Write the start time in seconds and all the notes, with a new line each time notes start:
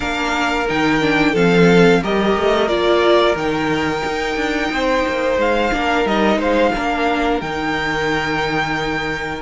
0.00 A#3 D4 A#4 F5
0.68 D#3 D#4 G5
1.00 D4
1.32 F3 C4 A4 F5
2.02 G3 G4 A#4 D#5
2.36 A3
2.67 A#3 F4 D5
3.35 D#3 D#4 G5
4.05 D#4
4.36 D4
4.71 C4 C5
5.07 A#3
5.37 G#3 F5
5.72 A#3 D4 A#4
6.05 G3 D#4 D#5
6.37 G#3 C5 F5
6.74 A#3 D4 A#4
7.40 D#3 D#4 G5